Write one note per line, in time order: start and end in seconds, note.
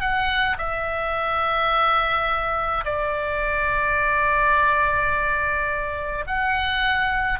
0.00 0.57 F#5
0.58 2.84 E5
2.85 6.25 D5
6.27 7.39 F#5